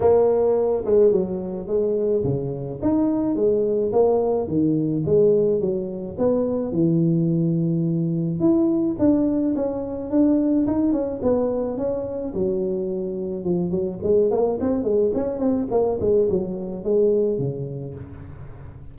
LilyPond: \new Staff \with { instrumentName = "tuba" } { \time 4/4 \tempo 4 = 107 ais4. gis8 fis4 gis4 | cis4 dis'4 gis4 ais4 | dis4 gis4 fis4 b4 | e2. e'4 |
d'4 cis'4 d'4 dis'8 cis'8 | b4 cis'4 fis2 | f8 fis8 gis8 ais8 c'8 gis8 cis'8 c'8 | ais8 gis8 fis4 gis4 cis4 | }